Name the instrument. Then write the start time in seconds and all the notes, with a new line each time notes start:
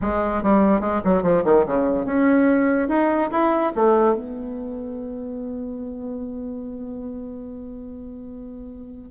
bassoon
0.01 G#3
0.43 G3
0.80 G#3
1.04 F#3
1.22 F3
1.44 D#3
1.66 C#3
2.05 C#4
2.88 D#4
3.31 E4
3.75 A3
4.14 B3